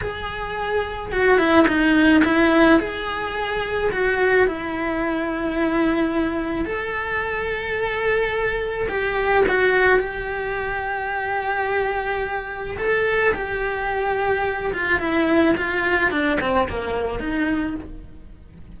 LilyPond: \new Staff \with { instrumentName = "cello" } { \time 4/4 \tempo 4 = 108 gis'2 fis'8 e'8 dis'4 | e'4 gis'2 fis'4 | e'1 | a'1 |
g'4 fis'4 g'2~ | g'2. a'4 | g'2~ g'8 f'8 e'4 | f'4 d'8 c'8 ais4 dis'4 | }